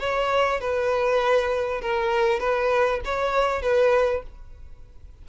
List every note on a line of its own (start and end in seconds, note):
0.00 0.61 C#5
0.61 1.82 B4
1.82 2.40 A#4
2.40 3.01 B4
3.05 3.62 C#5
3.62 4.23 B4